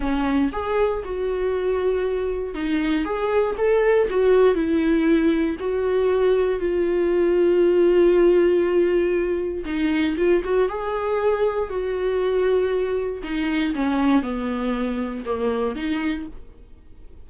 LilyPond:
\new Staff \with { instrumentName = "viola" } { \time 4/4 \tempo 4 = 118 cis'4 gis'4 fis'2~ | fis'4 dis'4 gis'4 a'4 | fis'4 e'2 fis'4~ | fis'4 f'2.~ |
f'2. dis'4 | f'8 fis'8 gis'2 fis'4~ | fis'2 dis'4 cis'4 | b2 ais4 dis'4 | }